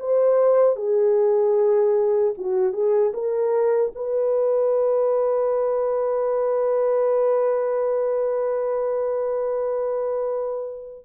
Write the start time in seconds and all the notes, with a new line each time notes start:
0.00 C5
0.76 G#4
2.38 F#4
2.73 G#4
3.14 A#4
3.96 B4